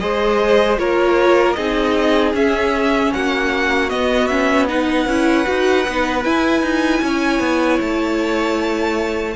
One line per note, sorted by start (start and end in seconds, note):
0.00 0.79 G#3
0.00 0.78 G#4
0.00 0.80 C5
0.00 0.78 D#5
0.78 1.57 A#3
0.78 1.56 F4
0.78 1.57 A#4
0.78 1.53 C#5
1.53 2.34 C4
1.53 2.35 D#4
1.53 3.13 G#4
1.53 2.31 D#5
2.34 3.12 C#4
2.34 3.90 C#4
2.34 3.14 E5
3.14 3.92 A#3
3.14 4.69 F#4
3.14 3.90 F#5
3.90 4.29 B3
3.90 5.07 B3
3.90 4.27 D#5
4.27 4.69 C#4
4.27 4.66 E5
4.69 5.07 D#4
4.69 7.03 B4
4.69 6.24 F#5
5.07 5.46 C#4
5.07 5.46 E4
5.46 5.88 D#4
5.46 5.85 F#4
5.88 6.25 B3
5.88 6.23 D#4
6.23 9.35 E4
6.23 6.62 E4
6.23 7.80 G#5
6.62 7.01 D#4
7.02 7.40 C#4
7.02 9.36 C#5
7.40 7.79 B3
7.81 9.36 A3
7.81 9.36 A5